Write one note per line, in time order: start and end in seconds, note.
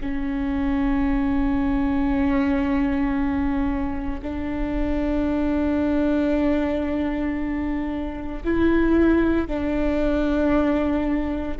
0.00 4.21 C#4
4.22 8.43 D4
8.44 9.47 E4
9.47 11.57 D4